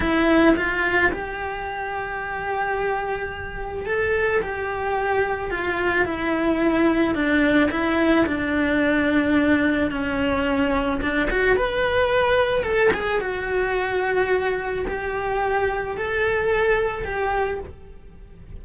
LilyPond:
\new Staff \with { instrumentName = "cello" } { \time 4/4 \tempo 4 = 109 e'4 f'4 g'2~ | g'2. a'4 | g'2 f'4 e'4~ | e'4 d'4 e'4 d'4~ |
d'2 cis'2 | d'8 fis'8 b'2 a'8 gis'8 | fis'2. g'4~ | g'4 a'2 g'4 | }